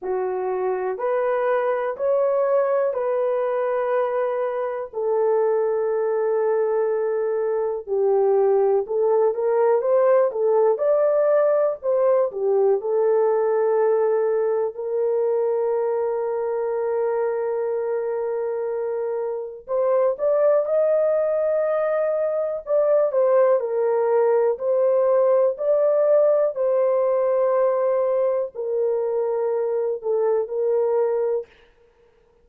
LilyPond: \new Staff \with { instrumentName = "horn" } { \time 4/4 \tempo 4 = 61 fis'4 b'4 cis''4 b'4~ | b'4 a'2. | g'4 a'8 ais'8 c''8 a'8 d''4 | c''8 g'8 a'2 ais'4~ |
ais'1 | c''8 d''8 dis''2 d''8 c''8 | ais'4 c''4 d''4 c''4~ | c''4 ais'4. a'8 ais'4 | }